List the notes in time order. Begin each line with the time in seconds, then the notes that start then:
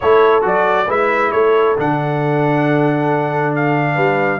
0.00 A3 E4 A4 C#5
0.41 F#3 F#4 D5
0.86 G#3 E4 B4 E5
1.31 A3 A4 C#5
1.77 D3 D4 F#5
3.55 F5
3.94 G3 B4